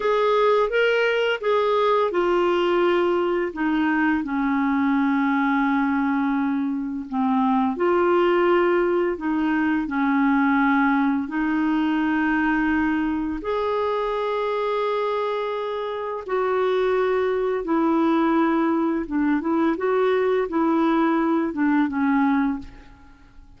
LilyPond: \new Staff \with { instrumentName = "clarinet" } { \time 4/4 \tempo 4 = 85 gis'4 ais'4 gis'4 f'4~ | f'4 dis'4 cis'2~ | cis'2 c'4 f'4~ | f'4 dis'4 cis'2 |
dis'2. gis'4~ | gis'2. fis'4~ | fis'4 e'2 d'8 e'8 | fis'4 e'4. d'8 cis'4 | }